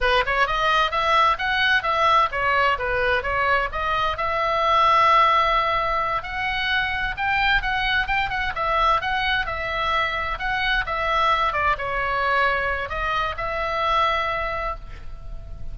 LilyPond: \new Staff \with { instrumentName = "oboe" } { \time 4/4 \tempo 4 = 130 b'8 cis''8 dis''4 e''4 fis''4 | e''4 cis''4 b'4 cis''4 | dis''4 e''2.~ | e''4. fis''2 g''8~ |
g''8 fis''4 g''8 fis''8 e''4 fis''8~ | fis''8 e''2 fis''4 e''8~ | e''4 d''8 cis''2~ cis''8 | dis''4 e''2. | }